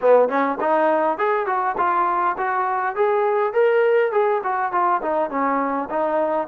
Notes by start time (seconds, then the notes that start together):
0.01 B3
0.28 C#4
0.60 D#4
1.17 G#4
1.46 F#4
1.77 F4
2.37 F#4
2.95 G#4
3.53 A#4
4.12 G#4
4.43 F#4
4.71 F4
5.02 D#4
5.29 C#4
5.90 D#4